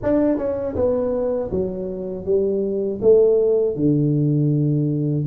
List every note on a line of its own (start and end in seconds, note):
0.02 0.37 D4
0.37 0.75 C#4
0.75 1.50 B3
1.51 2.25 F#3
2.25 3.00 G3
3.01 3.75 A3
3.75 5.25 D3